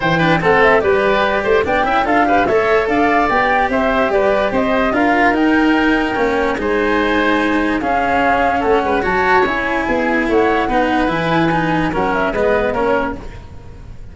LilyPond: <<
  \new Staff \with { instrumentName = "flute" } { \time 4/4 \tempo 4 = 146 g''4 fis''8 e''8 d''2 | g''4 f''4 e''4 f''4 | g''4 e''4 d''4 dis''4 | f''4 g''2. |
gis''2. f''4~ | f''4 fis''4 a''4 gis''4~ | gis''4 fis''2 gis''4~ | gis''4 fis''8 e''8 dis''4 cis''4 | }
  \new Staff \with { instrumentName = "oboe" } { \time 4/4 c''8 b'8 a'4 b'4. c''8 | d''8 e''8 a'8 b'8 cis''4 d''4~ | d''4 c''4 b'4 c''4 | ais'1 |
c''2. gis'4~ | gis'4 a'8 b'8 cis''2 | gis'4 cis''4 b'2~ | b'4 ais'4 b'4 ais'4 | }
  \new Staff \with { instrumentName = "cello" } { \time 4/4 e'8 d'8 c'4 g'2 | d'8 e'8 f'8 g'8 a'2 | g'1 | f'4 dis'2 cis'4 |
dis'2. cis'4~ | cis'2 fis'4 e'4~ | e'2 dis'4 e'4 | dis'4 cis'4 b4 cis'4 | }
  \new Staff \with { instrumentName = "tuba" } { \time 4/4 e4 a4 g4. a8 | b8 cis'8 d'4 a4 d'4 | b4 c'4 g4 c'4 | d'4 dis'2 ais4 |
gis2. cis'4~ | cis'4 a8 gis8 fis4 cis'4 | b4 a4 b4 e4~ | e4 fis4 gis4 ais4 | }
>>